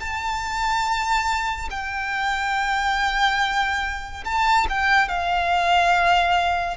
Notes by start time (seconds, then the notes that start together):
0.00 A5
1.71 G5
4.25 A5
4.69 G5
5.09 F5